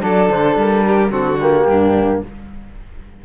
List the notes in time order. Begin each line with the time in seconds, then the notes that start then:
0.00 F#3 D4 A4 D5
0.29 D3 C5
0.56 G3 A#4
0.86 G4
1.10 D3 C4 F#4 A4
1.40 A#3 G4
1.67 G2 D4